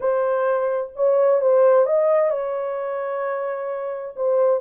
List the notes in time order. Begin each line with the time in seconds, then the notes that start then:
0.00 C5
0.95 C#5
1.41 C5
1.86 D#5
2.30 C#5
4.16 C5